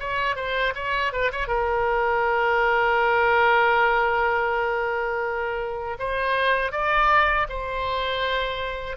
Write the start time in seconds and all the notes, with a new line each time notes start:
0.00 C#5
0.36 C5
0.75 C#5
1.12 B4
1.32 C#5
1.47 A#4
5.99 C5
6.72 D5
7.49 C5